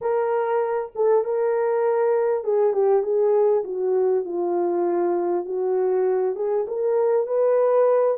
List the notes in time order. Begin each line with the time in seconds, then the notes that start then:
0.01 A#4
0.95 A4
1.24 A#4
2.44 G#4
2.73 G4
3.02 G#4
3.64 F#4
4.24 F4
5.45 F#4
6.35 G#4
6.67 A#4
7.26 B4